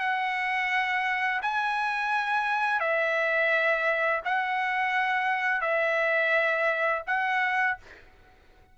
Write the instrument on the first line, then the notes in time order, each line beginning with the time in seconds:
trumpet
0.00 F#5
1.42 G#5
2.80 E5
4.25 F#5
5.62 E5
7.07 F#5